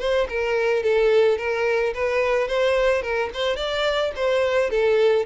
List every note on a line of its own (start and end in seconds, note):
0.00 0.28 C5
0.29 0.83 A#4
0.83 1.38 A4
1.38 1.94 A#4
1.94 2.48 B4
2.48 3.03 C5
3.03 3.30 A#4
3.34 3.57 C5
3.57 4.12 D5
4.16 4.71 C5
4.71 5.26 A4